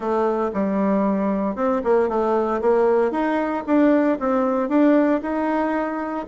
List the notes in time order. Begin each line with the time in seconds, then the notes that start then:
0.00 A3
0.53 G3
1.55 C4
1.84 A#3
2.08 A3
2.61 A#3
3.11 D#4
3.66 D4
4.19 C4
4.68 D4
5.22 D#4